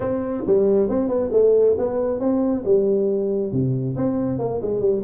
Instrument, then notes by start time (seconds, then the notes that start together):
tuba
0.00 C4
0.46 G3
0.89 C4
1.08 B3
1.32 A3
1.78 B3
2.19 C4
2.65 G3
3.52 C3
3.96 C4
4.39 A#3
4.61 G#3
4.80 G3